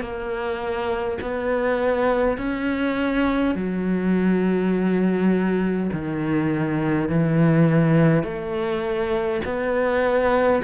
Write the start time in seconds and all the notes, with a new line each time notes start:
0.00 A#3
1.21 B3
2.37 C#4
3.55 F#3
5.92 D#3
7.09 E3
8.23 A3
9.44 B3